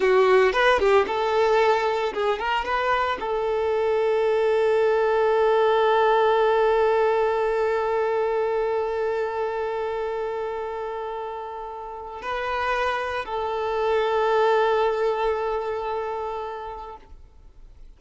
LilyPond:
\new Staff \with { instrumentName = "violin" } { \time 4/4 \tempo 4 = 113 fis'4 b'8 g'8 a'2 | gis'8 ais'8 b'4 a'2~ | a'1~ | a'1~ |
a'1~ | a'2. b'4~ | b'4 a'2.~ | a'1 | }